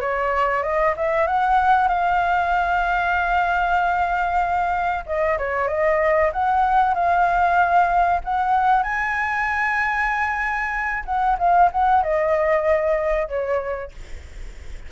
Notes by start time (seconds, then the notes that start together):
0.00 C#5
0.62 D#5
0.96 E5
1.27 F#5
1.88 F5
5.06 D#5
5.38 C#5
5.68 D#5
6.32 F#5
6.94 F5
8.24 F#5
8.82 G#5
11.05 F#5
11.38 F5
11.71 F#5
12.03 D#5
13.28 C#5